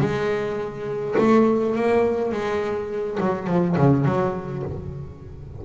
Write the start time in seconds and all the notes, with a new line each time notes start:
0.00 G#3
1.18 A3
1.75 A#3
2.32 G#3
3.20 F#3
3.47 F3
3.76 C#3
4.05 F#3